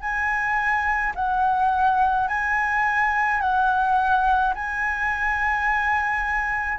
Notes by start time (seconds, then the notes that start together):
0.00 G#5
1.15 F#5
2.27 G#5
3.40 F#5
4.54 G#5